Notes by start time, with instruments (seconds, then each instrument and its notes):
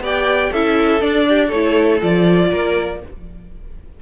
0.00 cello B3, viola G4, violin D5 G5
0.51 cello C#4, viola E4, violin A4 E5
1.00 viola D4, cello D4, violin D5
1.29 violin G4
1.48 cello A3, violin A4 C#5
1.54 viola E4
2.00 cello F3, viola F4, violin D5
2.50 cello A#3, violin A#4